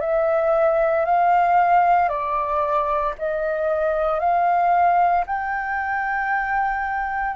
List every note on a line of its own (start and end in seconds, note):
0.00 1.05 E5
1.05 2.09 F5
2.09 3.14 D5
3.18 4.19 D#5
4.19 5.24 F5
5.26 7.36 G5